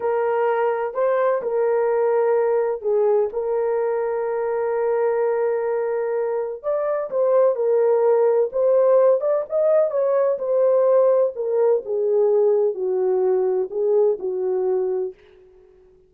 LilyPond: \new Staff \with { instrumentName = "horn" } { \time 4/4 \tempo 4 = 127 ais'2 c''4 ais'4~ | ais'2 gis'4 ais'4~ | ais'1~ | ais'2 d''4 c''4 |
ais'2 c''4. d''8 | dis''4 cis''4 c''2 | ais'4 gis'2 fis'4~ | fis'4 gis'4 fis'2 | }